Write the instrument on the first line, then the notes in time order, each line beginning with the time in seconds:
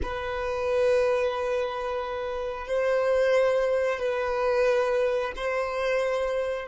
violin
0.02 B4
2.67 C5
3.98 B4
5.35 C5